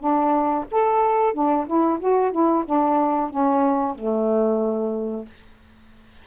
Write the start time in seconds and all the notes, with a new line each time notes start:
0.00 D4
0.71 A4
1.34 D4
1.67 E4
2.00 F#4
2.32 E4
2.66 D4
3.30 C#4
3.95 A3